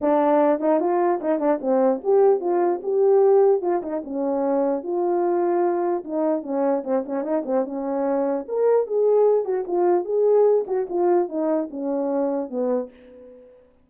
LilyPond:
\new Staff \with { instrumentName = "horn" } { \time 4/4 \tempo 4 = 149 d'4. dis'8 f'4 dis'8 d'8 | c'4 g'4 f'4 g'4~ | g'4 f'8 dis'8 cis'2 | f'2. dis'4 |
cis'4 c'8 cis'8 dis'8 c'8 cis'4~ | cis'4 ais'4 gis'4. fis'8 | f'4 gis'4. fis'8 f'4 | dis'4 cis'2 b4 | }